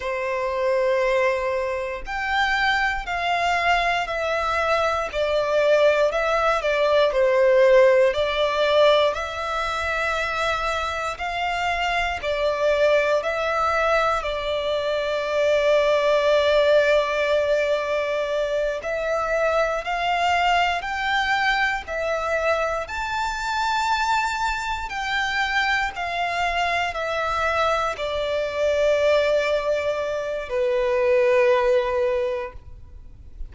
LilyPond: \new Staff \with { instrumentName = "violin" } { \time 4/4 \tempo 4 = 59 c''2 g''4 f''4 | e''4 d''4 e''8 d''8 c''4 | d''4 e''2 f''4 | d''4 e''4 d''2~ |
d''2~ d''8 e''4 f''8~ | f''8 g''4 e''4 a''4.~ | a''8 g''4 f''4 e''4 d''8~ | d''2 b'2 | }